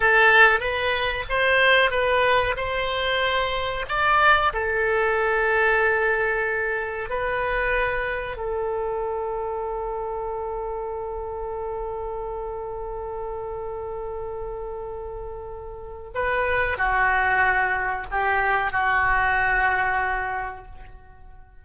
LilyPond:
\new Staff \with { instrumentName = "oboe" } { \time 4/4 \tempo 4 = 93 a'4 b'4 c''4 b'4 | c''2 d''4 a'4~ | a'2. b'4~ | b'4 a'2.~ |
a'1~ | a'1~ | a'4 b'4 fis'2 | g'4 fis'2. | }